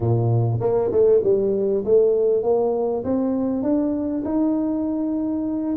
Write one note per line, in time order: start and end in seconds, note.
0.00 0.60 A#2
0.60 0.90 A#3
0.91 1.21 A3
1.23 1.84 G3
1.85 2.42 A3
2.42 3.03 A#3
3.04 3.62 C4
3.62 4.23 D4
4.24 5.76 D#4